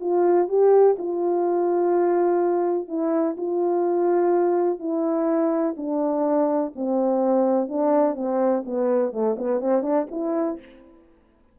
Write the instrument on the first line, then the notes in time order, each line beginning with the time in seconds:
horn
0.00 F4
0.48 G4
0.98 F4
2.88 E4
3.37 F4
4.79 E4
5.77 D4
6.75 C4
7.68 D4
8.15 C4
8.65 B3
9.12 A3
9.38 B3
9.60 C4
9.82 D4
10.11 E4